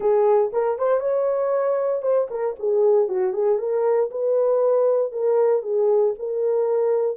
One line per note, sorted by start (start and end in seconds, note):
0.00 0.51 G#4
0.52 0.78 A#4
0.78 1.00 C5
1.00 2.02 C#5
2.02 2.28 C5
2.30 2.55 A#4
2.59 3.08 G#4
3.08 3.33 F#4
3.33 3.58 G#4
3.58 4.09 A#4
4.10 5.11 B4
5.11 5.62 A#4
5.62 6.14 G#4
6.18 7.17 A#4